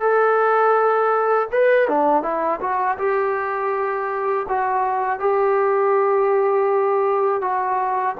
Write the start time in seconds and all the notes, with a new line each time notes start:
0.00 A4
1.52 B4
1.88 D4
2.23 E4
2.61 F#4
2.98 G4
4.48 F#4
5.20 G4
7.41 F#4